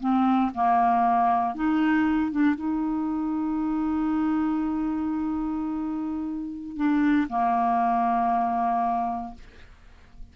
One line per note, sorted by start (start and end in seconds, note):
0.00 0.51 C4
0.54 1.54 A#3
1.54 2.31 D#4
2.31 2.55 D4
2.55 6.76 D#4
6.76 7.28 D4
7.29 9.34 A#3